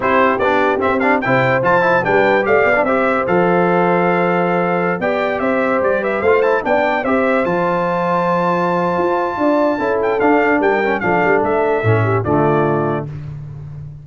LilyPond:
<<
  \new Staff \with { instrumentName = "trumpet" } { \time 4/4 \tempo 4 = 147 c''4 d''4 e''8 f''8 g''4 | a''4 g''4 f''4 e''4 | f''1~ | f''16 g''4 e''4 d''8 e''8 f''8 a''16~ |
a''16 g''4 e''4 a''4.~ a''16~ | a''1~ | a''8 g''8 f''4 g''4 f''4 | e''2 d''2 | }
  \new Staff \with { instrumentName = "horn" } { \time 4/4 g'2. c''4~ | c''4 b'4 d''4 c''4~ | c''1~ | c''16 d''4 c''4. b'8 c''8.~ |
c''16 d''4 c''2~ c''8.~ | c''2. d''4 | a'2 ais'4 a'4~ | a'4. g'8 f'2 | }
  \new Staff \with { instrumentName = "trombone" } { \time 4/4 e'4 d'4 c'8 d'8 e'4 | f'8 e'8 d'4 g'8. d'16 g'4 | a'1~ | a'16 g'2. f'8 e'16~ |
e'16 d'4 g'4 f'4.~ f'16~ | f'1 | e'4 d'4. cis'8 d'4~ | d'4 cis'4 a2 | }
  \new Staff \with { instrumentName = "tuba" } { \time 4/4 c'4 b4 c'4 c4 | f4 g4 a8 b8 c'4 | f1~ | f16 b4 c'4 g4 a8.~ |
a16 b4 c'4 f4.~ f16~ | f2 f'4 d'4 | cis'4 d'4 g4 f8 g8 | a4 a,4 d2 | }
>>